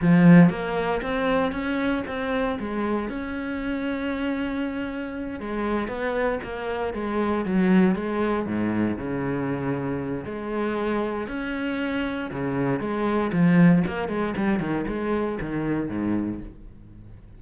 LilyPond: \new Staff \with { instrumentName = "cello" } { \time 4/4 \tempo 4 = 117 f4 ais4 c'4 cis'4 | c'4 gis4 cis'2~ | cis'2~ cis'8 gis4 b8~ | b8 ais4 gis4 fis4 gis8~ |
gis8 gis,4 cis2~ cis8 | gis2 cis'2 | cis4 gis4 f4 ais8 gis8 | g8 dis8 gis4 dis4 gis,4 | }